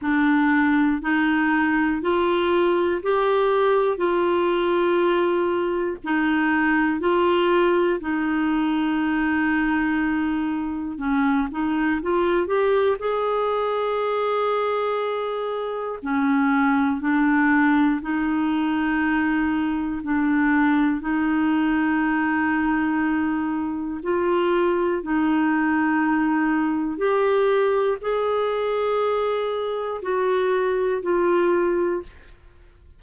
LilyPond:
\new Staff \with { instrumentName = "clarinet" } { \time 4/4 \tempo 4 = 60 d'4 dis'4 f'4 g'4 | f'2 dis'4 f'4 | dis'2. cis'8 dis'8 | f'8 g'8 gis'2. |
cis'4 d'4 dis'2 | d'4 dis'2. | f'4 dis'2 g'4 | gis'2 fis'4 f'4 | }